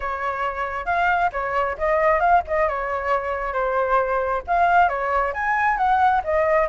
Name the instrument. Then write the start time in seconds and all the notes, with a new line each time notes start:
flute
0.00 C#5
0.85 F5
1.32 C#5
1.78 D#5
2.20 F5
2.47 D#5
2.68 C#5
3.53 C5
4.47 F5
4.88 C#5
5.33 G#5
5.77 F#5
6.24 D#5